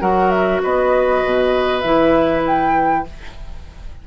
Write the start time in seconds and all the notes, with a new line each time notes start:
0.00 F#3 F#4 A#4 F#5
0.30 E5
0.62 B3 B4 D#5
1.24 B2
1.81 E3 E4 E5
2.46 G5